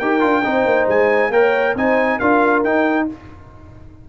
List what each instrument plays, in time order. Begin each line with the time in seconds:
0.00 tuba D#4, trombone G4, horn A#4, trumpet G5
0.21 tuba D4, trombone F4
0.45 tuba C4, trombone D#4, horn C5
0.66 tuba A#3
0.88 tuba G#3, trumpet G#5
1.30 tuba A#3, trombone A#4, horn C#5, trumpet G5
1.75 tuba C4, trombone D#4, horn C5, trumpet G#5
2.19 tuba D4, trombone F4, horn A#4, trumpet F5
2.64 tuba D#4, trombone D#4, trumpet G5